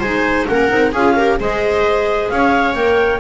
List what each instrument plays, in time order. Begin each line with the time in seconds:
0.00 double bass G#3, clarinet D#4 G#5, viola C5
0.47 double bass A#3, clarinet C#4 F#5, viola A#4
0.69 double bass C4, clarinet D#4
0.93 double bass C#4, clarinet F4 F5, viola G#4
1.16 clarinet G4, viola A#4
1.40 double bass G#3, clarinet G#4 D#5, viola C5
2.29 double bass C#4, viola C#5, clarinet F5
2.74 double bass A#3, clarinet A#4 G5